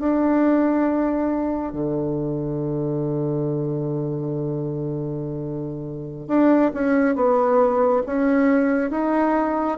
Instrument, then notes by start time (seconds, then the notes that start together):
bassoon
0.00 D4
1.73 D3
6.28 D4
6.74 C#4
7.16 B3
8.07 C#4
8.91 D#4